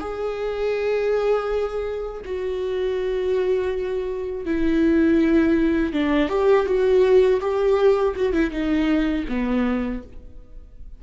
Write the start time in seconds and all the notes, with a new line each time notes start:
0.00 G#4
2.25 F#4
4.46 E4
5.93 D4
6.29 G4
6.66 F#4
7.41 G4
8.16 F#4
8.33 E4
8.51 D#4
9.29 B3